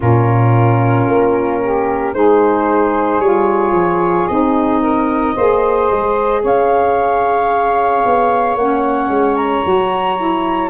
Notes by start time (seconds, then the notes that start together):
0.00 A#2 C#4 F4 A#4
1.06 A#3
1.62 G4
2.13 G#3 D#4 G#4 C5
3.19 G3 F4 C#5
3.71 F3
4.27 C4 D#4 D#5
4.81 A#4
5.35 A#3 G#4 C5
5.91 G#3
6.42 C#4 C#5 F5
8.05 B3
8.55 A#3 C#4 F#5
9.08 G#3
9.35 A#5
9.64 F#3 F#4
10.17 E4